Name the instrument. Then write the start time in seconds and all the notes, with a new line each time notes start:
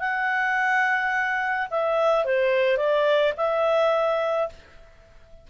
clarinet
0.00 F#5
1.71 E5
2.25 C5
2.78 D5
3.37 E5